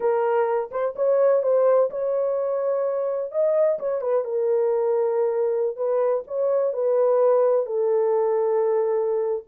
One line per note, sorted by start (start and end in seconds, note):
0.00 0.70 A#4
0.71 0.94 C5
0.95 1.42 C#5
1.42 1.90 C5
1.90 3.31 C#5
3.31 3.78 D#5
3.79 4.01 C#5
4.01 4.24 B4
4.24 5.76 A#4
5.76 6.23 B4
6.27 6.73 C#5
6.73 7.66 B4
7.66 9.43 A4